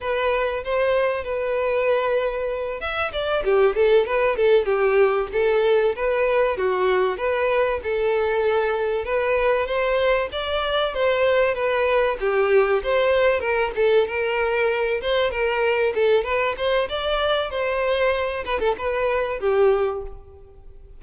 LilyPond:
\new Staff \with { instrumentName = "violin" } { \time 4/4 \tempo 4 = 96 b'4 c''4 b'2~ | b'8 e''8 d''8 g'8 a'8 b'8 a'8 g'8~ | g'8 a'4 b'4 fis'4 b'8~ | b'8 a'2 b'4 c''8~ |
c''8 d''4 c''4 b'4 g'8~ | g'8 c''4 ais'8 a'8 ais'4. | c''8 ais'4 a'8 b'8 c''8 d''4 | c''4. b'16 a'16 b'4 g'4 | }